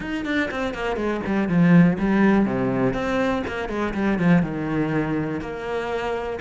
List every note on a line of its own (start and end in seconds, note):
0.00 0.25 D#4
0.25 0.49 D4
0.50 0.74 C4
0.74 0.96 A#3
0.96 1.20 G#3
1.26 1.48 G3
1.48 1.97 F3
1.98 2.45 G3
2.45 2.93 C3
2.93 3.42 C4
3.47 3.69 A#3
3.69 3.93 G#3
3.94 4.18 G3
4.18 4.42 F3
4.42 5.40 D#3
5.41 6.39 A#3